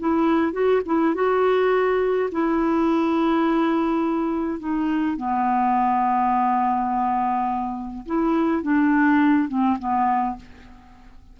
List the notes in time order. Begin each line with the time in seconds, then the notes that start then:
0.00 E4
0.53 F#4
0.86 E4
1.15 F#4
2.32 E4
4.60 D#4
5.17 B3
8.06 E4
8.63 D4
9.49 C4
9.79 B3